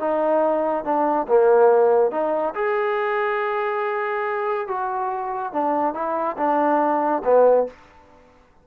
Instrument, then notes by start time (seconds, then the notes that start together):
trombone
0.00 D#4
0.85 D4
1.28 A#3
2.12 D#4
2.55 G#4
4.68 F#4
5.53 D4
5.94 E4
6.38 D4
7.25 B3